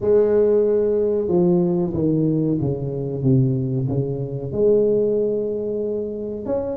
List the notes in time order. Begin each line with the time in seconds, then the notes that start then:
0.00 G#3
1.28 F3
1.93 D#3
2.60 C#3
3.23 C3
3.88 C#3
4.52 G#3
6.45 C#4